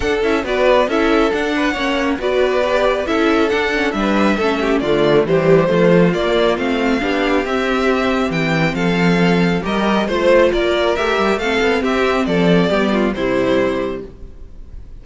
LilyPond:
<<
  \new Staff \with { instrumentName = "violin" } { \time 4/4 \tempo 4 = 137 fis''8 e''8 d''4 e''4 fis''4~ | fis''4 d''2 e''4 | fis''4 e''2 d''4 | c''2 d''4 f''4~ |
f''4 e''2 g''4 | f''2 dis''4 c''4 | d''4 e''4 f''4 e''4 | d''2 c''2 | }
  \new Staff \with { instrumentName = "violin" } { \time 4/4 a'4 b'4 a'4. b'8 | cis''4 b'2 a'4~ | a'4 b'4 a'8 g'8 f'4 | g'4 f'2. |
g'1 | a'2 ais'4 c''4 | ais'2 a'4 g'4 | a'4 g'8 f'8 e'2 | }
  \new Staff \with { instrumentName = "viola" } { \time 4/4 d'8 e'8 fis'4 e'4 d'4 | cis'4 fis'4 g'4 e'4 | d'8 cis'8 d'4 cis'4 a4 | g4 a4 ais4 c'4 |
d'4 c'2.~ | c'2 g'4 f'4~ | f'4 g'4 c'2~ | c'4 b4 g2 | }
  \new Staff \with { instrumentName = "cello" } { \time 4/4 d'8 cis'8 b4 cis'4 d'4 | ais4 b2 cis'4 | d'4 g4 a4 d4 | e4 f4 ais4 a4 |
b4 c'2 e4 | f2 g4 a4 | ais4 a8 g8 a8 b8 c'4 | f4 g4 c2 | }
>>